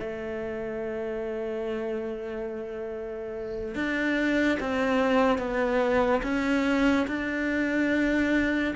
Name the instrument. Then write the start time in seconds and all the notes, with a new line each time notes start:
cello
0.00 A3
3.75 D4
4.60 C4
5.38 B3
6.23 C#4
7.08 D4